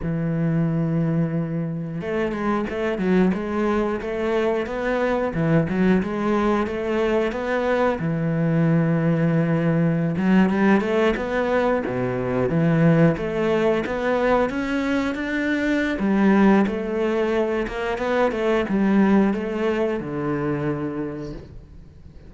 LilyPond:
\new Staff \with { instrumentName = "cello" } { \time 4/4 \tempo 4 = 90 e2. a8 gis8 | a8 fis8 gis4 a4 b4 | e8 fis8 gis4 a4 b4 | e2.~ e16 fis8 g16~ |
g16 a8 b4 b,4 e4 a16~ | a8. b4 cis'4 d'4~ d'16 | g4 a4. ais8 b8 a8 | g4 a4 d2 | }